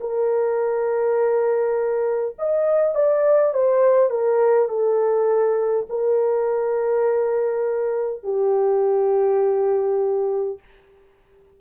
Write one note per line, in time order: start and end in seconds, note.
0.00 2.35 A#4
2.38 2.95 D#5
2.95 3.53 D5
3.53 4.10 C5
4.10 4.68 A#4
4.68 5.86 A4
5.89 8.23 A#4
8.23 10.58 G4